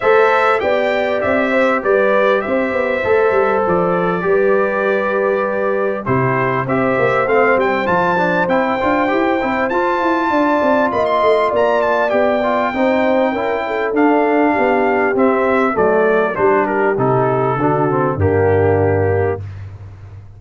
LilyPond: <<
  \new Staff \with { instrumentName = "trumpet" } { \time 4/4 \tempo 4 = 99 e''4 g''4 e''4 d''4 | e''2 d''2~ | d''2 c''4 e''4 | f''8 g''8 a''4 g''2 |
a''2 b''16 c'''8. ais''8 a''8 | g''2. f''4~ | f''4 e''4 d''4 c''8 ais'8 | a'2 g'2 | }
  \new Staff \with { instrumentName = "horn" } { \time 4/4 c''4 d''4. c''8 b'4 | c''2. b'4~ | b'2 g'4 c''4~ | c''1~ |
c''4 d''4 dis''4 d''4~ | d''4 c''4 ais'8 a'4. | g'2 a'4 g'4~ | g'4 fis'4 d'2 | }
  \new Staff \with { instrumentName = "trombone" } { \time 4/4 a'4 g'2.~ | g'4 a'2 g'4~ | g'2 e'4 g'4 | c'4 f'8 d'8 e'8 f'8 g'8 e'8 |
f'1 | g'8 f'8 dis'4 e'4 d'4~ | d'4 c'4 a4 d'4 | dis'4 d'8 c'8 ais2 | }
  \new Staff \with { instrumentName = "tuba" } { \time 4/4 a4 b4 c'4 g4 | c'8 b8 a8 g8 f4 g4~ | g2 c4 c'8 ais8 | a8 g8 f4 c'8 d'8 e'8 c'8 |
f'8 e'8 d'8 c'8 ais8 a8 ais4 | b4 c'4 cis'4 d'4 | b4 c'4 fis4 g4 | c4 d4 g,2 | }
>>